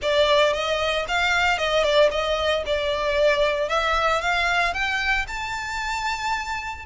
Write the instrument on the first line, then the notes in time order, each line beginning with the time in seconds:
violin
0.01 D5
0.53 D#5
1.08 F5
1.58 D#5
1.83 D5
2.11 D#5
2.66 D5
3.68 E5
4.21 F5
4.73 G5
5.27 A5